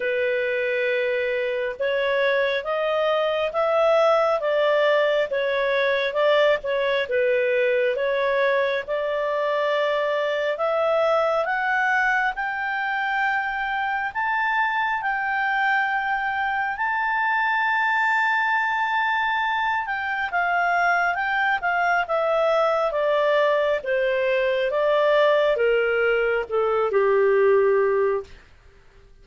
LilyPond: \new Staff \with { instrumentName = "clarinet" } { \time 4/4 \tempo 4 = 68 b'2 cis''4 dis''4 | e''4 d''4 cis''4 d''8 cis''8 | b'4 cis''4 d''2 | e''4 fis''4 g''2 |
a''4 g''2 a''4~ | a''2~ a''8 g''8 f''4 | g''8 f''8 e''4 d''4 c''4 | d''4 ais'4 a'8 g'4. | }